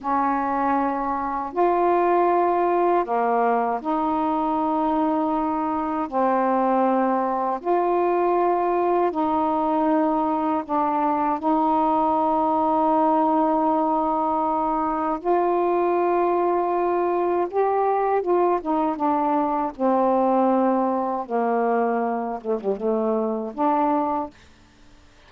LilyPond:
\new Staff \with { instrumentName = "saxophone" } { \time 4/4 \tempo 4 = 79 cis'2 f'2 | ais4 dis'2. | c'2 f'2 | dis'2 d'4 dis'4~ |
dis'1 | f'2. g'4 | f'8 dis'8 d'4 c'2 | ais4. a16 g16 a4 d'4 | }